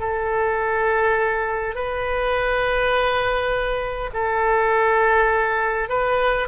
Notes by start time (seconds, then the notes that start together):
0.00 A4
1.75 B4
4.14 A4
5.89 B4